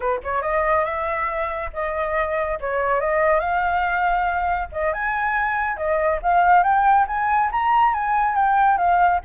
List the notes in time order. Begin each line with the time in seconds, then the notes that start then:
0.00 B4
0.23 C#5
0.42 D#5
0.84 E5
1.73 D#5
2.60 C#5
3.00 D#5
3.39 F5
4.72 D#5
4.93 G#5
5.76 D#5
6.22 F5
6.63 G5
7.07 G#5
7.51 A#5
7.93 G#5
8.35 G5
8.77 F5